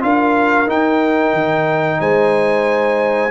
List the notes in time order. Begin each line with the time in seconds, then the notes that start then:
0.00 D4 F4 A#4 F5
0.66 D#4 G5
1.33 D#3
1.99 G#3 C5 G#5